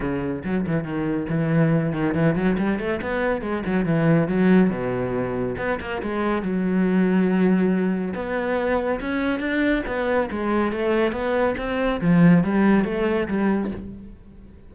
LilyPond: \new Staff \with { instrumentName = "cello" } { \time 4/4 \tempo 4 = 140 cis4 fis8 e8 dis4 e4~ | e8 dis8 e8 fis8 g8 a8 b4 | gis8 fis8 e4 fis4 b,4~ | b,4 b8 ais8 gis4 fis4~ |
fis2. b4~ | b4 cis'4 d'4 b4 | gis4 a4 b4 c'4 | f4 g4 a4 g4 | }